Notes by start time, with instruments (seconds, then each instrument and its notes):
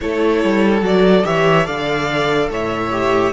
0.00 cello A3, viola E4, violin A4 C#5
0.44 cello G3
0.80 cello F#3, viola F#4, violin D5
1.23 cello E3, viola G4, violin C#5 E5
1.64 cello D3, viola A4, violin D5 F5
2.50 cello A2, violin C#5 E5
2.91 viola G4